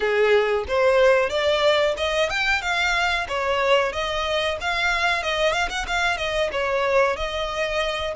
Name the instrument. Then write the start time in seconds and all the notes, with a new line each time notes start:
violin
0.00 G#4
0.68 C5
1.29 D5
1.97 D#5
2.29 G5
2.61 F5
3.28 C#5
3.92 D#5
4.60 F5
5.22 D#5
5.52 F5
5.69 F#5
5.87 F5
6.17 D#5
6.52 C#5
7.16 D#5